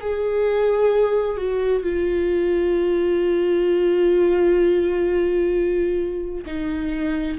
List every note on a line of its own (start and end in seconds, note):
0.00 1.37 G#4
1.37 1.83 F#4
1.83 6.44 F4
6.46 7.38 D#4